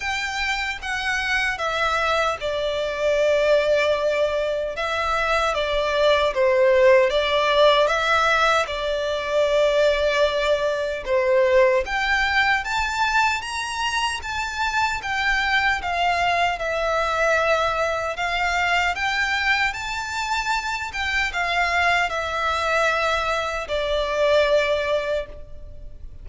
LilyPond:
\new Staff \with { instrumentName = "violin" } { \time 4/4 \tempo 4 = 76 g''4 fis''4 e''4 d''4~ | d''2 e''4 d''4 | c''4 d''4 e''4 d''4~ | d''2 c''4 g''4 |
a''4 ais''4 a''4 g''4 | f''4 e''2 f''4 | g''4 a''4. g''8 f''4 | e''2 d''2 | }